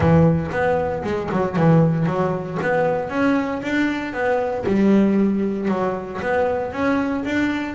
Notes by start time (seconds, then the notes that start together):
0.00 E3
0.51 B3
1.03 G#3
1.31 F#3
1.56 E3
2.06 F#3
2.62 B3
3.09 C#4
3.62 D4
4.13 B3
4.66 G3
5.68 F#3
6.21 B3
6.72 C#4
7.24 D4